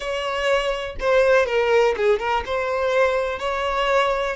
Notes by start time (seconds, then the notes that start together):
0.00 C#5
1.00 C5
1.46 A#4
1.96 G#4
2.19 A#4
2.45 C5
3.39 C#5